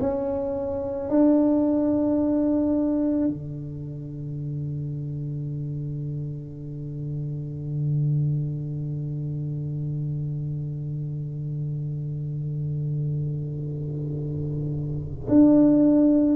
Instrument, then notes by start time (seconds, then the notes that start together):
tuba
0.00 C#4
1.09 D4
3.28 D3
15.28 D4